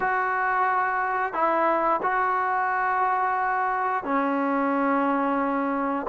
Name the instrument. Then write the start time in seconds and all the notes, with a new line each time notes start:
trombone
0.00 F#4
1.33 E4
2.02 F#4
4.04 C#4